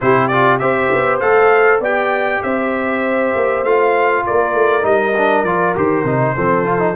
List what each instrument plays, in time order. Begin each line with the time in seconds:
0.01 tuba C3, trombone E4, horn G4, trumpet C5
0.27 trombone F4, trumpet D5
0.59 tuba C4, trombone G4, horn C5, trumpet E5
0.91 tuba B3
1.20 tuba A3, trombone A4, trumpet F5
1.79 tuba B3, trombone G4, horn D5, trumpet G5
2.42 tuba C4, horn C5, trumpet E5
3.35 tuba A#3
3.63 tuba A3, trombone F4, trumpet F5
4.26 tuba A#3, horn A#4, trumpet D5
4.54 tuba A3
4.81 tuba G3, trombone D#4, trumpet D#5
5.17 trombone D4
5.43 tuba F3, trombone F4, trumpet D5
5.75 tuba D#3, trombone G4, trumpet C5
6.03 tuba C3, trombone D#4
6.35 tuba F3, trombone C4, horn A4
6.65 trombone F4
6.79 trombone D#4